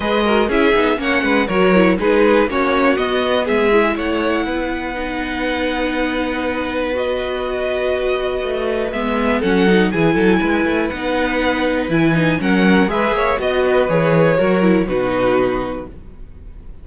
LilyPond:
<<
  \new Staff \with { instrumentName = "violin" } { \time 4/4 \tempo 4 = 121 dis''4 e''4 fis''4 cis''4 | b'4 cis''4 dis''4 e''4 | fis''1~ | fis''2 dis''2~ |
dis''2 e''4 fis''4 | gis''2 fis''2 | gis''4 fis''4 e''4 dis''4 | cis''2 b'2 | }
  \new Staff \with { instrumentName = "violin" } { \time 4/4 b'8 ais'8 gis'4 cis''8 b'8 ais'4 | gis'4 fis'2 gis'4 | cis''4 b'2.~ | b'1~ |
b'2. a'4 | gis'8 a'8 b'2.~ | b'4 ais'4 b'8 cis''8 dis''8 b'8~ | b'4 ais'4 fis'2 | }
  \new Staff \with { instrumentName = "viola" } { \time 4/4 gis'8 fis'8 e'8 dis'8 cis'4 fis'8 e'8 | dis'4 cis'4 b4. e'8~ | e'2 dis'2~ | dis'2 fis'2~ |
fis'2 b4 cis'8 dis'8 | e'2 dis'2 | e'8 dis'8 cis'4 gis'4 fis'4 | gis'4 fis'8 e'8 dis'2 | }
  \new Staff \with { instrumentName = "cello" } { \time 4/4 gis4 cis'8 b8 ais8 gis8 fis4 | gis4 ais4 b4 gis4 | a4 b2.~ | b1~ |
b4 a4 gis4 fis4 | e8 fis8 gis8 a8 b2 | e4 fis4 gis8 ais8 b4 | e4 fis4 b,2 | }
>>